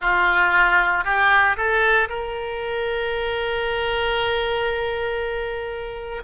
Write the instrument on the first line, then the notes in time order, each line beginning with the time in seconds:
oboe
0.01 F4
1.04 G4
1.56 A4
2.09 A#4